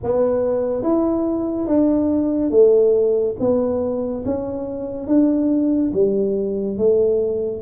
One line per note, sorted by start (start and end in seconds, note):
0.03 0.82 B3
0.82 1.67 E4
1.67 2.50 D4
2.50 3.35 A3
3.39 4.24 B3
4.25 5.07 C#4
5.07 5.92 D4
5.93 6.77 G3
6.77 7.62 A3